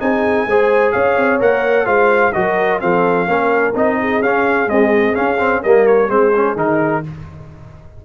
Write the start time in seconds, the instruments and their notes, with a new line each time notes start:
0.00 tuba C4, trombone D#4, horn G#4, trumpet G#5
0.47 tuba G#3, trombone G#4, horn C5
0.92 tuba C#4, horn C#5, trumpet F5
1.17 tuba C4
1.40 tuba A#3, trombone A#4, trumpet F#5
1.86 tuba G#3, trombone F4, horn C5, trumpet F5
2.33 tuba F#3, trombone F#4, horn A#4, trumpet D#5
2.81 tuba F3, trombone C4, horn A4, trumpet F5
3.27 tuba A#3, trombone C#4, horn A#4
3.75 tuba C4, trombone D#4, trumpet D#5
4.00 horn G#4
4.21 tuba C#4, trombone C#4, trumpet F5
4.67 trombone G#3, tuba C4, trumpet D#5
5.14 trombone C#4, tuba C#4, trumpet F5
5.40 trombone C4
5.63 tuba G3, trombone A#3, horn A#4, trumpet D#5
5.87 trumpet C#5
6.09 tuba G#3, trombone C4, horn G#4, trumpet C5
6.35 trombone C#4
6.56 tuba D#3, trombone D#4, trumpet A#4